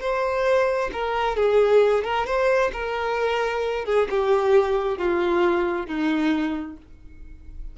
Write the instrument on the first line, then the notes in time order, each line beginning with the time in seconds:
violin
0.00 C5
0.92 A#4
1.36 G#4
2.04 A#4
2.26 C5
2.73 A#4
3.85 G#4
4.10 G4
4.97 F4
5.86 D#4